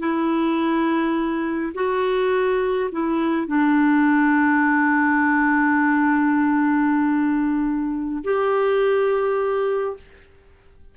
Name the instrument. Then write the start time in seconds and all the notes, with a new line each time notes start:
clarinet
0.00 E4
1.75 F#4
2.92 E4
3.48 D4
8.24 G4